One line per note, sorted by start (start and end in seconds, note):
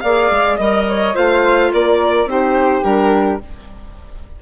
0.00 0.30 A#3
0.00 0.59 G#4
0.00 0.56 D5
0.00 0.56 F5
0.30 0.58 G#3
0.56 1.14 G3
0.56 1.14 A#4
0.56 0.84 D#5
0.56 1.15 D#5
0.88 1.14 C#5
1.14 1.73 A3
1.14 2.27 F4
1.14 1.70 C5
1.14 1.71 F5
1.73 2.25 A#3
1.73 2.29 A#4
1.73 2.29 D5
2.25 2.81 C4
2.25 2.82 D#4
2.25 3.41 G4
2.25 2.83 C5
2.82 3.39 G3
2.82 3.38 D4
2.82 3.39 A#4